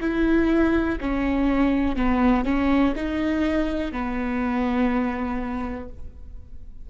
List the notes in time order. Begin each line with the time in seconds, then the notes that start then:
0.00 E4
1.00 C#4
1.96 B3
2.45 C#4
2.96 D#4
3.92 B3